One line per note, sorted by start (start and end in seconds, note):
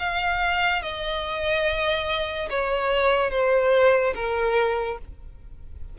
0.00 0.83 F5
0.83 2.49 D#5
2.50 3.31 C#5
3.31 4.14 C5
4.15 4.98 A#4